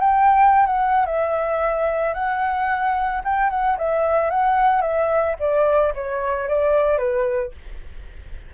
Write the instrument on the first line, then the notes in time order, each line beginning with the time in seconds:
flute
0.00 G5
0.66 F#5
1.06 E5
2.14 F#5
3.25 G5
3.50 F#5
3.78 E5
4.30 F#5
4.82 E5
5.40 D5
5.95 C#5
6.48 D5
6.98 B4